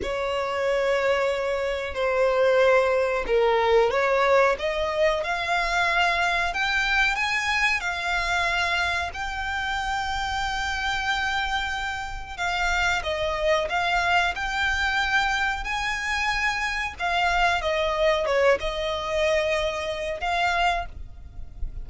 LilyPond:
\new Staff \with { instrumentName = "violin" } { \time 4/4 \tempo 4 = 92 cis''2. c''4~ | c''4 ais'4 cis''4 dis''4 | f''2 g''4 gis''4 | f''2 g''2~ |
g''2. f''4 | dis''4 f''4 g''2 | gis''2 f''4 dis''4 | cis''8 dis''2~ dis''8 f''4 | }